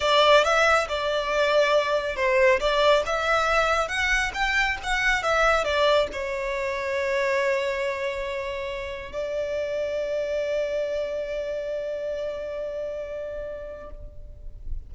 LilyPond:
\new Staff \with { instrumentName = "violin" } { \time 4/4 \tempo 4 = 138 d''4 e''4 d''2~ | d''4 c''4 d''4 e''4~ | e''4 fis''4 g''4 fis''4 | e''4 d''4 cis''2~ |
cis''1~ | cis''4 d''2.~ | d''1~ | d''1 | }